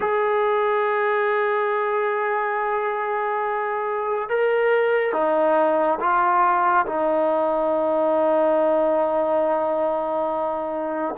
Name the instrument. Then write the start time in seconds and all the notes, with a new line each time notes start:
trombone
0.00 G#4
4.29 A#4
5.12 D#4
6.00 F4
6.86 D#4